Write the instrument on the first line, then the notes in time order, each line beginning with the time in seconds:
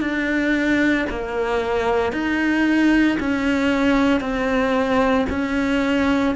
cello
0.00 D4
1.09 A#3
2.12 D#4
3.20 C#4
4.20 C4
5.29 C#4